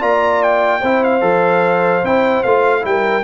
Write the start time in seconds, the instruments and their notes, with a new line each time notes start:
0.00 tuba A#3, trombone F4, horn D5, trumpet A#5
0.43 trumpet G5
0.81 tuba C4, trombone E4, horn C5
1.04 trumpet F5
1.21 tuba F3, trombone A4
2.03 tuba C4, trombone E4, trumpet G5
2.44 tuba A3, trombone F4, trumpet F5
2.82 tuba G3, trombone E4, trumpet G5
2.89 horn A#4